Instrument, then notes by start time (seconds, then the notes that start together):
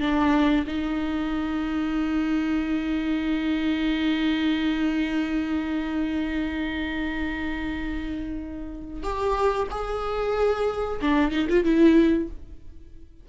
viola
0.00 D4
0.67 D#4
9.03 G4
9.71 G#4
11.01 D4
11.31 D#4
11.49 F4
11.64 E4